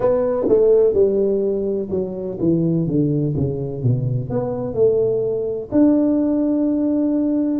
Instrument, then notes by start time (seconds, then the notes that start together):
tuba
0.00 B3
0.48 A3
0.93 G3
1.90 F#3
2.40 E3
2.86 D3
3.36 C#3
3.82 B2
4.29 B3
4.74 A3
5.71 D4